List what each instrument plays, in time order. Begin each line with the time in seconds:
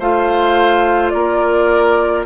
0.00 bassoon A3, clarinet F4, oboe C5, flute F5
1.10 bassoon A#3, oboe A#4, flute D5